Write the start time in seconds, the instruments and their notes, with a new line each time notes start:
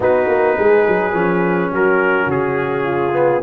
0.00 tuba B3, trombone D#4, horn F#4, trumpet B4
0.27 tuba A#3
0.58 tuba G#3, horn G#4
0.87 tuba F#3
1.12 tuba F3, trombone C#4
1.72 tuba F#3, horn F#4, trumpet A#4
2.26 tuba C#3, trumpet G#4
2.84 horn F4
3.12 trombone B3